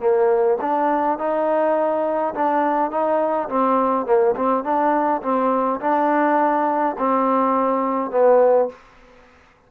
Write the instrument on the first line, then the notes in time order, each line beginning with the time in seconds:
trombone
0.00 A#3
0.61 D4
1.19 D#4
2.34 D4
2.91 D#4
3.49 C4
4.06 A#3
4.36 C4
4.64 D4
5.22 C4
5.81 D4
6.98 C4
8.11 B3